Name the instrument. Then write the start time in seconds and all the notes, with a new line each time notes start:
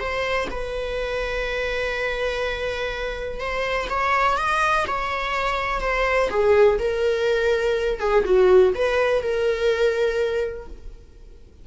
viola
0.00 C5
0.51 B4
3.40 C5
3.90 C#5
4.38 D#5
4.87 C#5
5.81 C5
6.31 G#4
6.79 A#4
8.00 G#4
8.25 F#4
8.75 B4
9.23 A#4